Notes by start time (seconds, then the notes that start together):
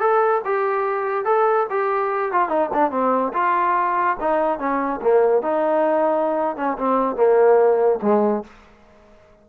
0.00 A4
0.45 G4
1.25 A4
1.70 G4
2.32 F4
2.49 D#4
2.74 D4
2.91 C4
3.33 F4
4.20 D#4
4.59 C#4
5.02 A#3
5.42 D#4
6.56 C#4
6.78 C4
7.16 A#3
8.02 G#3